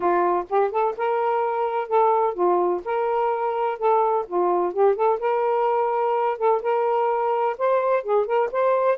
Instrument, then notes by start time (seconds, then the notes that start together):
saxophone
0.00 F4
0.49 G4
0.71 A4
0.97 A#4
1.88 A4
2.34 F4
2.84 A#4
3.78 A4
4.27 F4
4.73 G4
4.95 A4
5.19 A#4
6.37 A4
6.62 A#4
7.58 C5
8.03 G#4
8.26 A#4
8.51 C5